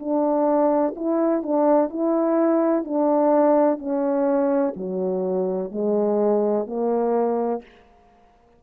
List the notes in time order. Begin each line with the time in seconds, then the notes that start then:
0.00 D4
0.97 E4
1.43 D4
1.90 E4
2.85 D4
3.79 C#4
4.77 F#3
5.72 G#3
6.67 A#3